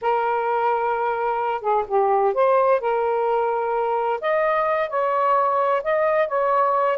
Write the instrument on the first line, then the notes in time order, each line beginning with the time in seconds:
saxophone
0.01 A#4
1.61 G#4
1.87 G4
2.34 C5
2.80 A#4
4.21 D#5
4.89 C#5
5.83 D#5
6.28 C#5